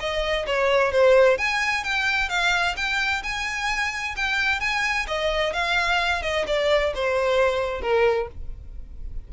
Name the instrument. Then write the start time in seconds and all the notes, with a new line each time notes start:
violin
0.00 D#5
0.47 C#5
0.92 C5
1.38 G#5
1.84 G5
2.30 F5
2.77 G5
3.23 G#5
4.17 G5
4.61 G#5
5.08 D#5
5.53 F5
6.23 D#5
6.47 D5
6.95 C5
7.82 A#4